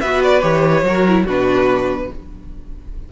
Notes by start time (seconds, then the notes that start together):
0.00 B3 F#4 B4 E5
0.23 D5
0.41 E3 G4 C#5
0.82 F#3 F#4 A#4
1.07 E4
1.25 B2 D4 F#4 B4